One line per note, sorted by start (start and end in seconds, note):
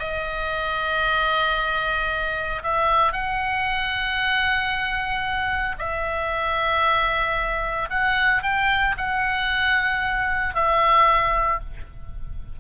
0.00 2.63 D#5
2.64 3.13 E5
3.13 5.76 F#5
5.79 7.90 E5
7.90 8.43 F#5
8.43 8.96 G5
8.98 10.55 F#5
10.55 11.60 E5